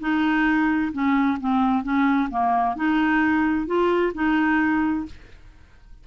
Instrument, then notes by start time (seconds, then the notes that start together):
clarinet
0.00 D#4
0.92 C#4
1.40 C4
1.83 C#4
2.30 A#3
2.76 D#4
3.66 F4
4.14 D#4